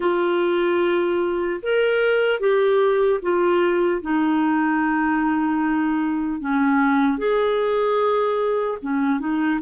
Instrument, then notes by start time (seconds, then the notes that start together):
clarinet
0.00 F4
1.62 A#4
2.40 G4
3.22 F4
4.01 D#4
6.40 C#4
7.18 G#4
8.81 C#4
9.19 D#4